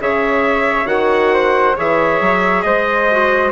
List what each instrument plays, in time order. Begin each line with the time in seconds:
0.00 bassoon C#3, clarinet G#4, flute C#5, trumpet E5
0.86 bassoon D#3, clarinet F#4, trumpet F#5
1.33 flute C5
1.76 bassoon E3, clarinet G#4, flute C#5, trumpet E5
2.21 bassoon F#3
2.62 bassoon G#3, flute C5, trumpet D#5
3.11 clarinet F#4